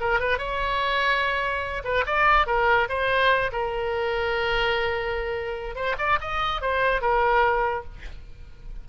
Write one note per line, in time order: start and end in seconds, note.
0.00 0.20 A#4
0.20 0.38 B4
0.38 1.83 C#5
1.84 2.05 B4
2.06 2.47 D5
2.47 2.88 A#4
2.89 3.51 C5
3.52 5.75 A#4
5.75 5.96 C5
5.98 6.19 D5
6.21 6.62 D#5
6.62 7.01 C5
7.01 7.84 A#4